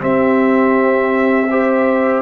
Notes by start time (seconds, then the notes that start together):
0.00 C4 G4 E5
1.50 G4 C5